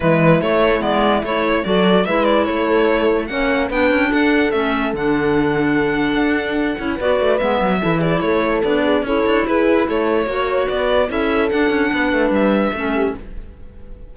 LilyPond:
<<
  \new Staff \with { instrumentName = "violin" } { \time 4/4 \tempo 4 = 146 b'4 cis''4 d''4 cis''4 | d''4 e''8 d''8 cis''2 | fis''4 g''4 fis''4 e''4 | fis''1~ |
fis''4 d''4 e''4. d''8 | cis''4 d''4 cis''4 b'4 | cis''2 d''4 e''4 | fis''2 e''2 | }
  \new Staff \with { instrumentName = "horn" } { \time 4/4 e'1 | a'4 b'4 a'2 | cis''4 b'4 a'2~ | a'1~ |
a'4 b'2 a'8 gis'8 | a'4. gis'8 a'4 gis'4 | a'4 cis''4 b'4 a'4~ | a'4 b'2 a'8 g'8 | }
  \new Staff \with { instrumentName = "clarinet" } { \time 4/4 gis4 a4 b4 e'4 | fis'4 e'2. | cis'4 d'2 cis'4 | d'1~ |
d'8 e'8 fis'4 b4 e'4~ | e'4 d'4 e'2~ | e'4 fis'2 e'4 | d'2. cis'4 | }
  \new Staff \with { instrumentName = "cello" } { \time 4/4 e4 a4 gis4 a4 | fis4 gis4 a2 | ais4 b8 cis'8 d'4 a4 | d2. d'4~ |
d'8 cis'8 b8 a8 gis8 fis8 e4 | a4 b4 cis'8 d'8 e'4 | a4 ais4 b4 cis'4 | d'8 cis'8 b8 a8 g4 a4 | }
>>